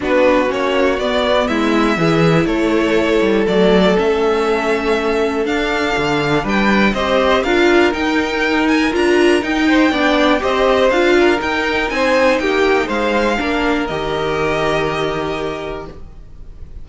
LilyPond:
<<
  \new Staff \with { instrumentName = "violin" } { \time 4/4 \tempo 4 = 121 b'4 cis''4 d''4 e''4~ | e''4 cis''2 d''4 | e''2. f''4~ | f''4 g''4 dis''4 f''4 |
g''4. gis''8 ais''4 g''4~ | g''4 dis''4 f''4 g''4 | gis''4 g''4 f''2 | dis''1 | }
  \new Staff \with { instrumentName = "violin" } { \time 4/4 fis'2. e'4 | gis'4 a'2.~ | a'1~ | a'4 b'4 c''4 ais'4~ |
ais'2.~ ais'8 c''8 | d''4 c''4. ais'4. | c''4 g'4 c''4 ais'4~ | ais'1 | }
  \new Staff \with { instrumentName = "viola" } { \time 4/4 d'4 cis'4 b2 | e'2. a4 | cis'2. d'4~ | d'2 g'4 f'4 |
dis'2 f'4 dis'4 | d'4 g'4 f'4 dis'4~ | dis'2. d'4 | g'1 | }
  \new Staff \with { instrumentName = "cello" } { \time 4/4 b4 ais4 b4 gis4 | e4 a4. g8 fis4 | a2. d'4 | d4 g4 c'4 d'4 |
dis'2 d'4 dis'4 | b4 c'4 d'4 dis'4 | c'4 ais4 gis4 ais4 | dis1 | }
>>